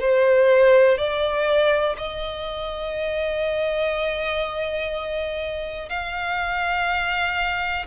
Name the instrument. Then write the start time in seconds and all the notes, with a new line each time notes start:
violin
0.00 C5
0.97 D5
1.98 D#5
5.89 F5